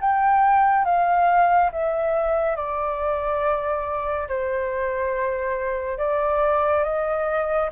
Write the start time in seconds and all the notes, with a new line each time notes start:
0.00 G5
0.85 F5
1.72 E5
2.56 D5
4.28 C5
5.98 D5
6.84 D#5